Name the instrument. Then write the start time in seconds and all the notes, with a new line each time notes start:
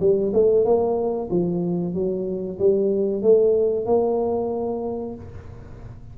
tuba
0.00 G3
0.33 A3
0.65 A#3
1.30 F3
1.94 F#3
2.59 G3
3.22 A3
3.86 A#3